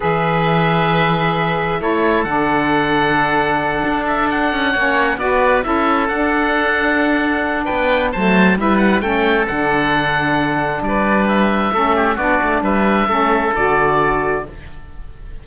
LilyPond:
<<
  \new Staff \with { instrumentName = "oboe" } { \time 4/4 \tempo 4 = 133 e''1 | cis''4 fis''2.~ | fis''4 e''8 fis''2 d''8~ | d''8 e''4 fis''2~ fis''8~ |
fis''4 g''4 a''4 e''8 fis''8 | g''4 fis''2. | d''4 e''2 d''4 | e''2 d''2 | }
  \new Staff \with { instrumentName = "oboe" } { \time 4/4 b'1 | a'1~ | a'2~ a'8 cis''4 b'8~ | b'8 a'2.~ a'8~ |
a'4 b'4 c''4 b'4 | a'1 | b'2 a'8 g'8 fis'4 | b'4 a'2. | }
  \new Staff \with { instrumentName = "saxophone" } { \time 4/4 gis'1 | e'4 d'2.~ | d'2~ d'8 cis'4 fis'8~ | fis'8 e'4 d'2~ d'8~ |
d'2 a4 e'4 | cis'4 d'2.~ | d'2 cis'4 d'4~ | d'4 cis'4 fis'2 | }
  \new Staff \with { instrumentName = "cello" } { \time 4/4 e1 | a4 d2.~ | d8 d'4. cis'8 ais4 b8~ | b8 cis'4 d'2~ d'8~ |
d'4 b4 fis4 g4 | a4 d2. | g2 a4 b8 a8 | g4 a4 d2 | }
>>